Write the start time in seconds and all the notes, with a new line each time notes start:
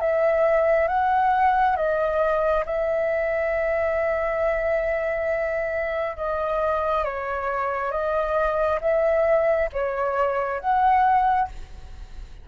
0.00 E5
0.88 F#5
1.76 D#5
2.66 E5
6.16 D#5
7.04 C#5
7.91 D#5
8.81 E5
9.73 C#5
10.60 F#5